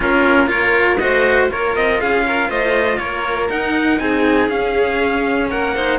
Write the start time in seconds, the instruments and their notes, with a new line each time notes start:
0.00 cello A#3 C#4, violin F4, trumpet A#4
0.47 cello F4, violin A#4, trumpet C#5
0.97 cello A3 F#4, violin C5, trumpet D#5
1.48 cello A#3 F4, violin A#4, trumpet C#5
1.75 cello C4, trumpet D#5
2.00 cello C#4, violin G#4, trumpet F5
2.26 violin A#4
2.49 cello A3, violin C5, trumpet D#5
2.98 cello A#3, violin A#4, trumpet C#5
3.49 cello D#4, trumpet F#5
3.99 cello C4, violin G#4, trumpet G#5
4.49 cello C#4, trumpet F5
5.50 cello A#3, violin A#4, trumpet F#5
5.75 cello D#4, violin C5